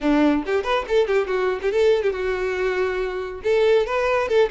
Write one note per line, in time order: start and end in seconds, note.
0.01 0.43 D4
0.46 0.63 G4
0.63 0.85 B4
0.88 1.07 A4
1.07 1.27 G4
1.27 1.59 F#4
1.61 1.71 G4
1.71 2.02 A4
2.02 2.12 G4
2.12 3.41 F#4
3.43 3.86 A4
3.86 4.28 B4
4.28 4.49 A4